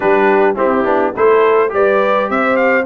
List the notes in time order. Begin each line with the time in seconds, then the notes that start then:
0.00 G3 D4 G4 B4
0.55 C4 E4 G4
0.84 B3 D4
1.13 A3 E4 A4 C5
1.69 G3 G4 B4 D5
2.29 C4 C5 E5
2.56 F5